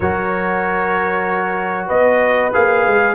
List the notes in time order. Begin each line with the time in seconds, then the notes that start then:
0.00 F#3 F#4 A#4 C#5
1.87 B3 B4 D#5
2.53 A#3 G#4 F5
2.86 G#3